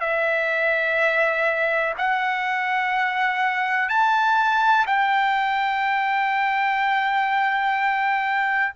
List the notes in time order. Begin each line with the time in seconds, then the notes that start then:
0.00 E5
1.98 F#5
3.89 A5
4.87 G5